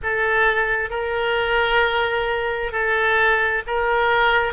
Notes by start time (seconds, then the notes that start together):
0.02 A4
0.90 A#4
2.71 A4
3.66 A#4